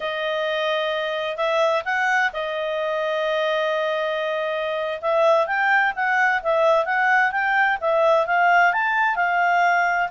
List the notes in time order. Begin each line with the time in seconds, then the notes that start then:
0.00 D#5
1.36 E5
1.84 F#5
2.33 D#5
5.01 E5
5.46 G5
5.95 F#5
6.42 E5
6.85 F#5
7.31 G5
7.80 E5
8.26 F5
8.72 A5
9.15 F5